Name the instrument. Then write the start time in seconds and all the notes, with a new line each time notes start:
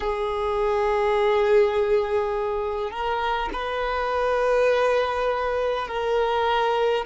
violin
0.00 G#4
2.90 A#4
3.52 B4
5.87 A#4